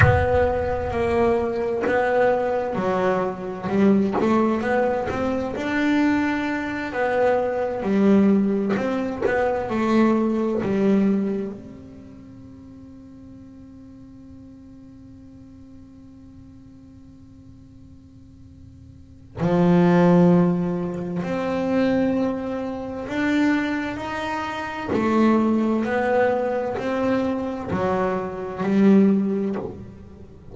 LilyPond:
\new Staff \with { instrumentName = "double bass" } { \time 4/4 \tempo 4 = 65 b4 ais4 b4 fis4 | g8 a8 b8 c'8 d'4. b8~ | b8 g4 c'8 b8 a4 g8~ | g8 c'2.~ c'8~ |
c'1~ | c'4 f2 c'4~ | c'4 d'4 dis'4 a4 | b4 c'4 fis4 g4 | }